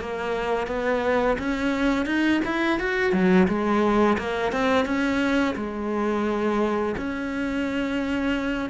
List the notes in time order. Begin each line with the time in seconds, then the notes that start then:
0.00 A#3
0.67 B3
1.39 C#4
2.06 D#4
2.45 E4
2.79 F#4
3.13 F#3
3.48 G#3
4.18 A#3
4.52 C4
4.86 C#4
5.56 G#3
6.97 C#4